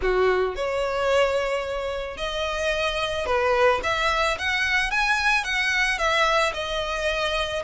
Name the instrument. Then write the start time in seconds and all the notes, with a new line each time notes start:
violin
0.01 F#4
0.55 C#5
2.17 D#5
3.26 B4
3.83 E5
4.38 F#5
4.90 G#5
5.44 F#5
5.98 E5
6.53 D#5